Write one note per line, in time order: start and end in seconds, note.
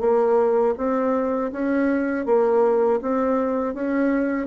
0.00 0.74 A#3
0.77 1.51 C4
1.52 2.26 C#4
2.26 3.00 A#3
3.01 3.74 C4
3.74 4.46 C#4